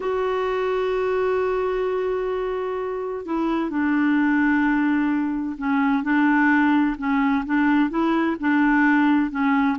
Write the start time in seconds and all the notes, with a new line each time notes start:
0.00 F#4
3.25 E4
3.70 D4
5.58 C#4
6.03 D4
6.98 C#4
7.45 D4
7.90 E4
8.40 D4
9.30 C#4